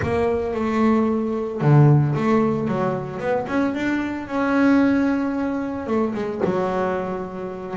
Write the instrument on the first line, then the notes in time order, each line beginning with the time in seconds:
double bass
0.02 A#3
0.54 A3
1.61 D3
2.15 A3
2.67 F#3
3.19 B3
3.47 C#4
3.74 D4
4.27 C#4
5.87 A3
6.14 G#3
6.45 F#3